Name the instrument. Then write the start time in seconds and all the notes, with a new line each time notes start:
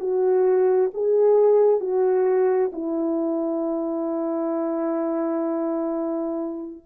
horn
0.00 F#4
0.94 G#4
1.81 F#4
2.73 E4